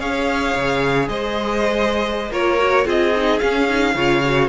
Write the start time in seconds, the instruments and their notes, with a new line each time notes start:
0.00 cello C#4, viola G#4, violin C#5 F5
0.55 cello C#3
1.09 cello G#3, violin C5 D#5
2.31 cello A#3, viola F4, violin A#4 C#5
2.58 viola F#4
2.85 cello C4, viola F4, violin G#4 D#5
3.16 viola D#4
3.40 viola C#4, cello C#4, violin F5
3.69 viola D#4
3.95 cello C#3, viola F4, violin C#5
4.25 viola F#4